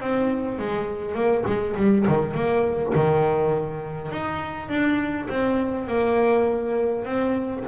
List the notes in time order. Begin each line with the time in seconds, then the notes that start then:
0.00 C4
0.59 G#3
1.15 A#3
1.46 G#3
1.76 G3
2.07 D#3
2.34 A#3
2.95 D#3
4.11 D#4
4.69 D4
5.29 C4
5.88 A#3
7.05 C4